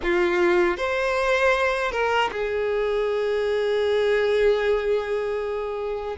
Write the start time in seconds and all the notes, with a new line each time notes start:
0.02 F4
0.77 C5
1.91 A#4
2.31 G#4